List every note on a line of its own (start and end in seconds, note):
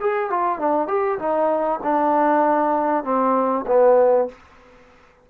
0.00 0.29 G#4
0.29 0.58 F4
0.58 0.87 D4
0.87 1.18 G4
1.18 1.79 D#4
1.83 3.04 D4
3.04 3.65 C4
3.67 4.28 B3